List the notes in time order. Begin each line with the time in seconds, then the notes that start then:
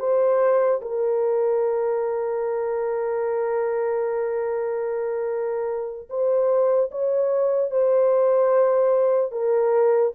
0.00 C5
0.82 A#4
6.10 C5
6.91 C#5
7.71 C5
9.32 A#4